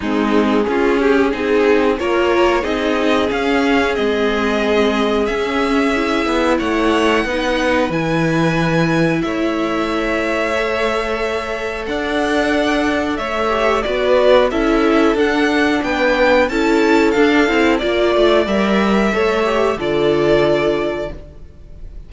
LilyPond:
<<
  \new Staff \with { instrumentName = "violin" } { \time 4/4 \tempo 4 = 91 gis'2. cis''4 | dis''4 f''4 dis''2 | e''2 fis''2 | gis''2 e''2~ |
e''2 fis''2 | e''4 d''4 e''4 fis''4 | g''4 a''4 f''4 d''4 | e''2 d''2 | }
  \new Staff \with { instrumentName = "violin" } { \time 4/4 dis'4 f'8 g'8 gis'4 ais'4 | gis'1~ | gis'2 cis''4 b'4~ | b'2 cis''2~ |
cis''2 d''2 | cis''4 b'4 a'2 | b'4 a'2 d''4~ | d''4 cis''4 a'2 | }
  \new Staff \with { instrumentName = "viola" } { \time 4/4 c'4 cis'4 dis'4 f'4 | dis'4 cis'4 c'2 | cis'4 e'2 dis'4 | e'1 |
a'1~ | a'8 g'8 fis'4 e'4 d'4~ | d'4 e'4 d'8 e'8 f'4 | ais'4 a'8 g'8 f'2 | }
  \new Staff \with { instrumentName = "cello" } { \time 4/4 gis4 cis'4 c'4 ais4 | c'4 cis'4 gis2 | cis'4. b8 a4 b4 | e2 a2~ |
a2 d'2 | a4 b4 cis'4 d'4 | b4 cis'4 d'8 c'8 ais8 a8 | g4 a4 d2 | }
>>